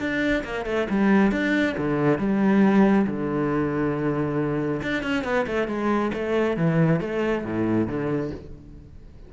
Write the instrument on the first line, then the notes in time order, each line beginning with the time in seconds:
cello
0.00 D4
0.45 A#3
0.66 A3
0.90 G3
1.32 D4
1.78 D3
2.19 G3
3.07 D3
4.83 D4
5.03 C#4
5.24 B3
5.47 A3
5.68 G#3
6.14 A3
6.57 E3
7.01 A3
7.45 A2
7.88 D3